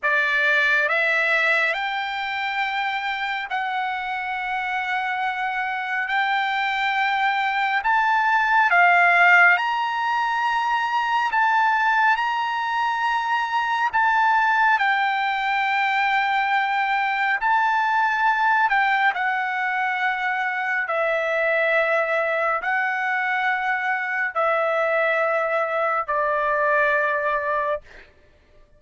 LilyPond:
\new Staff \with { instrumentName = "trumpet" } { \time 4/4 \tempo 4 = 69 d''4 e''4 g''2 | fis''2. g''4~ | g''4 a''4 f''4 ais''4~ | ais''4 a''4 ais''2 |
a''4 g''2. | a''4. g''8 fis''2 | e''2 fis''2 | e''2 d''2 | }